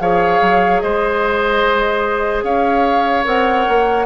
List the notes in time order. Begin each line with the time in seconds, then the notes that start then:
0.00 F3 G#4 C#5 F5
0.42 F#3
0.81 G#3 C5 D#5
2.44 C#4 C#5 F5
3.24 C4 A#4 F#5
3.68 A#3